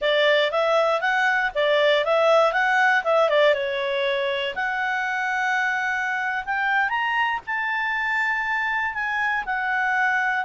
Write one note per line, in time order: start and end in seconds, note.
0.01 0.51 D5
0.51 1.00 E5
1.00 1.51 F#5
1.54 2.04 D5
2.04 2.52 E5
2.52 3.03 F#5
3.04 3.29 E5
3.29 3.53 D5
3.53 4.54 C#5
4.55 6.44 F#5
6.45 6.89 G5
6.89 7.39 A#5
7.46 8.94 A5
8.94 9.44 G#5
9.45 10.45 F#5